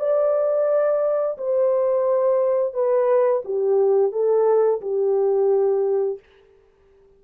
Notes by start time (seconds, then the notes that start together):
0.00 D5
1.38 C5
2.74 B4
3.45 G4
4.12 A4
4.82 G4